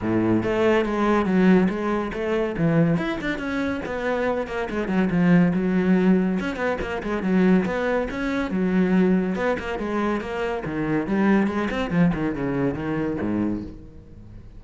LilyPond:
\new Staff \with { instrumentName = "cello" } { \time 4/4 \tempo 4 = 141 a,4 a4 gis4 fis4 | gis4 a4 e4 e'8 d'8 | cis'4 b4. ais8 gis8 fis8 | f4 fis2 cis'8 b8 |
ais8 gis8 fis4 b4 cis'4 | fis2 b8 ais8 gis4 | ais4 dis4 g4 gis8 c'8 | f8 dis8 cis4 dis4 gis,4 | }